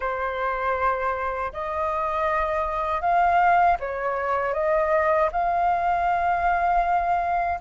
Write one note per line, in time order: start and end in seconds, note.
0.00 1.52 C5
1.52 3.01 D#5
3.01 3.77 F5
3.79 4.53 C#5
4.53 5.29 D#5
5.32 7.59 F5